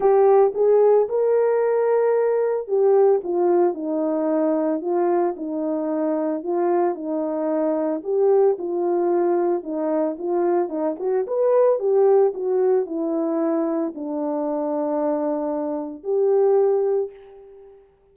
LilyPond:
\new Staff \with { instrumentName = "horn" } { \time 4/4 \tempo 4 = 112 g'4 gis'4 ais'2~ | ais'4 g'4 f'4 dis'4~ | dis'4 f'4 dis'2 | f'4 dis'2 g'4 |
f'2 dis'4 f'4 | dis'8 fis'8 b'4 g'4 fis'4 | e'2 d'2~ | d'2 g'2 | }